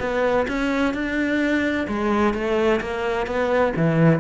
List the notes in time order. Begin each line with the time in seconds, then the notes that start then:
0.00 B3
0.48 C#4
0.94 D4
1.88 G#3
2.34 A3
2.81 A#3
3.27 B3
3.76 E3